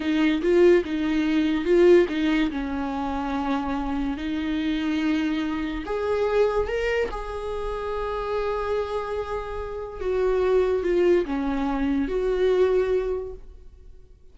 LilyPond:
\new Staff \with { instrumentName = "viola" } { \time 4/4 \tempo 4 = 144 dis'4 f'4 dis'2 | f'4 dis'4 cis'2~ | cis'2 dis'2~ | dis'2 gis'2 |
ais'4 gis'2.~ | gis'1 | fis'2 f'4 cis'4~ | cis'4 fis'2. | }